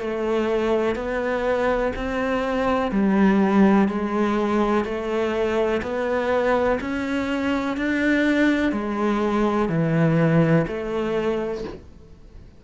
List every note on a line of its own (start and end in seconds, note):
0.00 0.95 A3
0.95 1.92 B3
1.96 2.91 C4
2.91 3.88 G3
3.88 4.85 G#3
4.85 5.82 A3
5.82 6.79 B3
6.80 7.77 C#4
7.77 8.72 D4
8.72 9.69 G#3
9.69 10.66 E3
10.68 11.64 A3